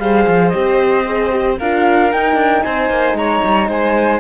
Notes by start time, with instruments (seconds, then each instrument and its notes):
0.00 cello G3, horn G#4, violin C5, flute F5
0.28 cello F3
0.50 cello C4, horn G4, flute D#5
1.06 horn G#4
1.32 horn G4
1.59 cello D4, horn F4, violin A#4, flute F5
2.13 horn D#4, cello D#4, flute G5
2.35 cello D4
2.63 cello C4, violin C5, flute G#5
2.90 cello A#3
3.14 cello G#3, violin C#5, flute A#5
3.45 cello G3
3.69 cello G#3, violin C5, flute G#5